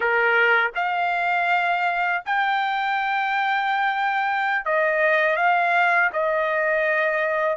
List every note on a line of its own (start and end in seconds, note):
0.00 0.70 A#4
0.75 2.23 F5
2.25 4.65 G5
4.65 5.36 D#5
5.36 6.10 F5
6.12 7.57 D#5